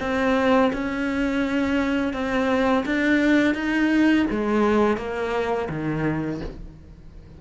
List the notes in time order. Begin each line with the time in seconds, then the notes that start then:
0.00 C4
0.73 C#4
2.13 C4
2.85 D4
3.55 D#4
4.30 G#3
4.97 A#3
5.69 D#3